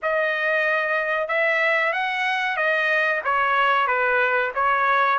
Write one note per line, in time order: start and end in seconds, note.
0.02 1.28 D#5
1.28 1.92 E5
1.92 2.56 F#5
2.56 3.21 D#5
3.24 3.87 C#5
3.87 4.51 B4
4.54 5.18 C#5